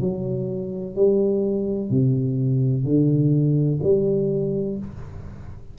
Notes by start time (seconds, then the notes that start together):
0.00 F#3
0.95 G3
1.90 C3
2.84 D3
3.83 G3